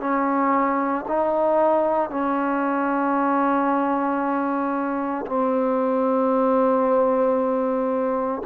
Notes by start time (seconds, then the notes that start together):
0.00 C#4
1.09 D#4
2.10 C#4
5.26 C4